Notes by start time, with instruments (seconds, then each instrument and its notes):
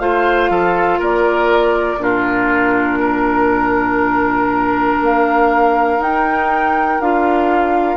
0.00 bassoon A3, clarinet F4, oboe C5, flute F5
0.50 bassoon F3, oboe A4
0.99 bassoon A#3, oboe A#4, flute D5
1.97 bassoon A#2, clarinet D4, flute A#4
2.03 oboe F4
2.99 oboe A#4
5.02 bassoon A#3, flute F5
5.98 bassoon D#4, clarinet D#4, flute G5
7.00 bassoon D4, clarinet F4, flute F5